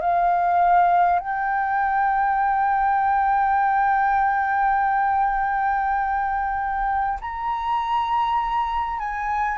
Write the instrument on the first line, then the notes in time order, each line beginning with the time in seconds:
flute
0.00 F5
1.19 G5
7.21 A#5
8.99 G#5